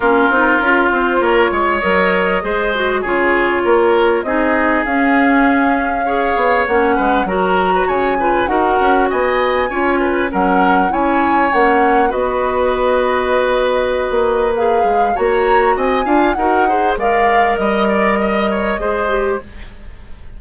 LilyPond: <<
  \new Staff \with { instrumentName = "flute" } { \time 4/4 \tempo 4 = 99 ais'4. c''8 cis''4 dis''4~ | dis''4 cis''2 dis''4 | f''2. fis''4 | ais''4 gis''4 fis''4 gis''4~ |
gis''4 fis''4 gis''4 fis''4 | dis''1 | f''4 ais''4 gis''4 fis''4 | f''4 dis''2. | }
  \new Staff \with { instrumentName = "oboe" } { \time 4/4 f'2 ais'8 cis''4. | c''4 gis'4 ais'4 gis'4~ | gis'2 cis''4. b'8 | ais'8. b'16 cis''8 b'8 ais'4 dis''4 |
cis''8 b'8 ais'4 cis''2 | b'1~ | b'4 cis''4 dis''8 f''8 ais'8 c''8 | d''4 dis''8 d''8 dis''8 cis''8 c''4 | }
  \new Staff \with { instrumentName = "clarinet" } { \time 4/4 cis'8 dis'8 f'2 ais'4 | gis'8 fis'8 f'2 dis'4 | cis'2 gis'4 cis'4 | fis'4. f'8 fis'2 |
f'4 cis'4 e'4 cis'4 | fis'1 | gis'4 fis'4. f'8 fis'8 gis'8 | ais'2. gis'8 g'8 | }
  \new Staff \with { instrumentName = "bassoon" } { \time 4/4 ais8 c'8 cis'8 c'8 ais8 gis8 fis4 | gis4 cis4 ais4 c'4 | cis'2~ cis'8 b8 ais8 gis8 | fis4 cis4 dis'8 cis'8 b4 |
cis'4 fis4 cis'4 ais4 | b2.~ b16 ais8.~ | ais8 gis8 ais4 c'8 d'8 dis'4 | gis4 g2 gis4 | }
>>